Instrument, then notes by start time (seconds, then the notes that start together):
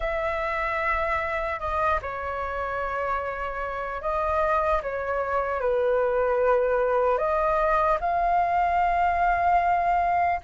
flute
0.00 E5
1.59 D#5
2.01 C#5
4.01 D#5
4.82 C#5
5.60 B4
7.18 D#5
8.00 F5